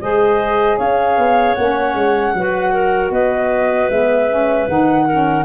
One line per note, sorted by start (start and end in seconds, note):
0.00 0.78 G#3
0.00 1.56 G#4
0.00 0.77 C5
0.00 0.78 D#5
0.77 1.17 C#4
0.77 2.33 C#5
0.77 1.54 F5
1.17 1.56 B3
1.54 1.94 A#3
1.54 2.36 C#4
1.54 3.10 F#5
1.94 2.33 G#3
2.34 3.10 F#3
2.34 3.90 F#4
2.34 2.72 B4
2.72 3.11 A#4
3.10 3.88 B3
3.10 5.05 B4
3.10 3.89 D#5
3.89 4.67 G#3
3.89 4.29 B3
3.89 4.68 E5
4.29 4.68 C#4
4.68 5.44 D#3
4.68 5.07 D#4
4.68 5.44 F#5
5.05 5.44 C#4
5.05 5.44 A#4